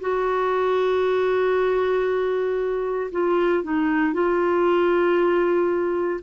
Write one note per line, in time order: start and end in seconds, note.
0.00 3.10 F#4
3.11 3.63 F4
3.63 4.13 D#4
4.13 6.20 F4